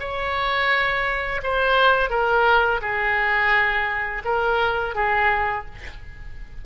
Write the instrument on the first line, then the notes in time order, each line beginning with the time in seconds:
oboe
0.00 C#5
1.43 C5
2.10 A#4
2.81 G#4
4.25 A#4
4.95 G#4